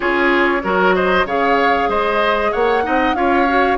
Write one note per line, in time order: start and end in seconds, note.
0.00 0.64 C#4
0.00 0.61 F4
0.00 0.62 G#4
0.00 0.94 C#5
0.63 1.25 F#3
0.63 1.26 F#4
0.63 0.95 A#4
0.94 1.26 C5
0.94 1.26 D#5
1.25 1.88 C#3
1.25 2.83 G#4
1.25 1.89 C#5
1.25 1.90 F5
1.88 2.51 G#3
1.88 2.51 C5
1.88 2.52 D#5
2.51 2.86 A#3
2.51 2.83 C#5
2.51 3.14 F#5
2.83 3.14 C4
2.83 3.14 D#4
2.83 3.16 D#5
3.14 3.77 C#4
3.14 3.46 F4
3.14 3.77 C#5
3.14 3.77 F5
3.47 3.77 F#4